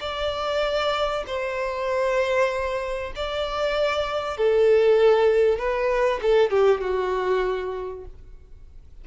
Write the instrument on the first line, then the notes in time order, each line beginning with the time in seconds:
violin
0.00 D5
1.27 C5
3.15 D5
4.37 A4
5.58 B4
6.22 A4
6.50 G4
6.81 F#4